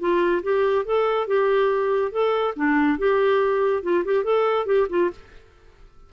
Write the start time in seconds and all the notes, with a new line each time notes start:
0.00 F4
0.44 G4
0.86 A4
1.28 G4
2.12 A4
2.56 D4
2.99 G4
3.83 F4
4.05 G4
4.25 A4
4.67 G4
4.90 F4